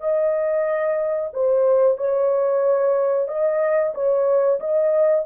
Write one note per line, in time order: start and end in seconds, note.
0.00 1.30 D#5
1.33 1.98 C5
1.98 3.28 C#5
3.28 3.94 D#5
3.94 4.59 C#5
4.60 5.26 D#5